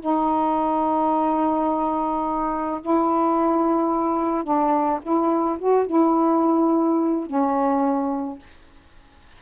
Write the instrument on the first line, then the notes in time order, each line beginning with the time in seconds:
saxophone
0.00 D#4
2.81 E4
4.44 D4
5.02 E4
5.59 F#4
5.86 E4
7.27 C#4